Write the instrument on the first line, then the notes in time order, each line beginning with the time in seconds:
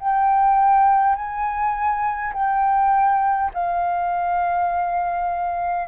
flute
0.00 G5
1.16 G#5
2.34 G5
3.54 F5